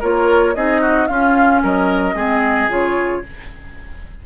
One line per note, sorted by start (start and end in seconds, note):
0.00 0.56 A#3
0.00 0.55 F4
0.00 0.54 A#4
0.00 0.55 C#5
0.55 1.09 C4
0.55 1.09 D#4
0.55 0.81 G#4
0.55 1.07 D#5
0.81 1.08 F#4
1.07 2.16 C#4
1.07 1.63 C#4
1.07 1.63 F4
1.07 1.61 F5
1.64 2.14 F#3
1.64 2.15 A#4
1.64 2.72 D#5
2.14 2.67 G#3
2.14 2.69 C4
2.14 3.22 G#4
2.67 3.21 C#3
2.67 3.23 F4
2.67 3.26 C#5